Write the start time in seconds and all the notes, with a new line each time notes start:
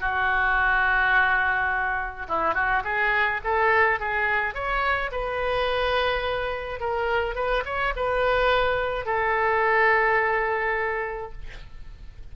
0.00 F#4
2.28 E4
2.54 F#4
2.84 G#4
3.44 A4
3.99 G#4
4.54 C#5
5.11 B4
6.80 A#4
7.35 B4
7.65 C#5
7.96 B4
9.05 A4